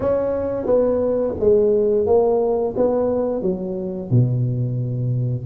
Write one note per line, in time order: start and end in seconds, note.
0.00 0.65 C#4
0.65 1.34 B3
1.39 2.06 G#3
2.06 2.74 A#3
2.76 3.42 B3
3.42 4.10 F#3
4.10 5.45 B2